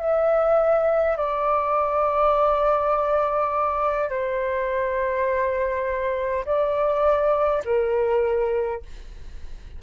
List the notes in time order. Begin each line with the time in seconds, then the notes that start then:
0.00 E5
1.17 D5
4.10 C5
6.45 D5
7.65 A#4